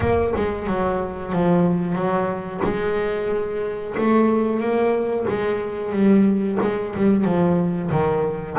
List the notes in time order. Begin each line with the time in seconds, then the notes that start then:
0.00 A#3
0.36 G#3
0.66 F#3
1.32 F3
1.95 F#3
2.63 G#3
3.97 A3
4.60 A#3
5.28 G#3
5.92 G3
6.61 G#3
6.96 G3
7.24 F3
7.91 D#3